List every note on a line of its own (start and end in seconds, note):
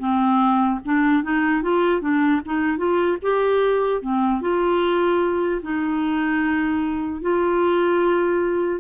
0.00 0.80 C4
0.86 1.24 D4
1.24 1.63 D#4
1.63 2.01 F4
2.01 2.41 D4
2.45 2.78 D#4
2.78 3.18 F4
3.23 4.02 G4
4.02 4.42 C4
4.42 5.62 F4
5.63 7.22 D#4
7.22 8.81 F4